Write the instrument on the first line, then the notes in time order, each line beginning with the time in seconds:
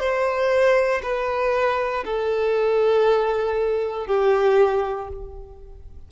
violin
0.00 C5
1.03 B4
2.05 A4
4.07 G4